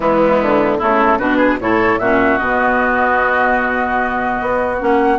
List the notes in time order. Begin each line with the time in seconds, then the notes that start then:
0.00 E3 G#3 B3 E4
0.41 D3
0.78 C#3 A3 E4 A4
1.19 B2 D4 F#4 B4
1.37 G#4
1.60 A2 E4 A4 C#5
1.98 A#2 C#4 F#4 E5
2.38 B2 B3 D#5
4.41 B3
4.79 A#3 C#4 F#5